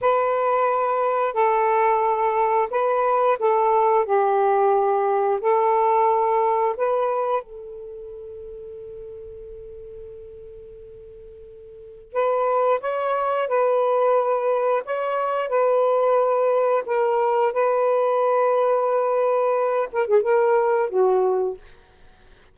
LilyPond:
\new Staff \with { instrumentName = "saxophone" } { \time 4/4 \tempo 4 = 89 b'2 a'2 | b'4 a'4 g'2 | a'2 b'4 a'4~ | a'1~ |
a'2 b'4 cis''4 | b'2 cis''4 b'4~ | b'4 ais'4 b'2~ | b'4. ais'16 gis'16 ais'4 fis'4 | }